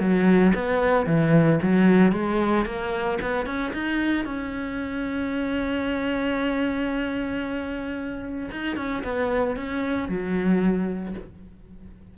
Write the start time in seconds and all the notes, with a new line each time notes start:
0.00 F#3
0.55 B3
1.06 E3
1.62 F#3
2.13 G#3
2.66 A#3
3.21 B3
3.46 C#4
3.74 D#4
4.25 C#4
8.51 D#4
8.77 C#4
9.04 B3
9.56 C#4
10.09 F#3